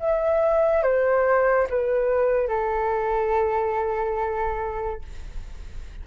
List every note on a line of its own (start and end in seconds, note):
0.00 0.83 E5
0.83 1.67 C5
1.69 2.48 B4
2.48 5.02 A4